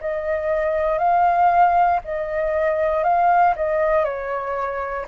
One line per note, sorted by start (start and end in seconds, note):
0.00 0.98 D#5
0.98 2.00 F5
2.04 3.03 D#5
3.03 3.54 F5
3.55 4.04 D#5
4.04 5.06 C#5